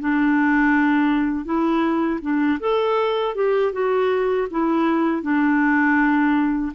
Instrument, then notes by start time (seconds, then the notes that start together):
clarinet
0.00 D4
1.44 E4
2.21 D4
2.59 A4
3.34 G4
3.72 F#4
4.50 E4
5.22 D4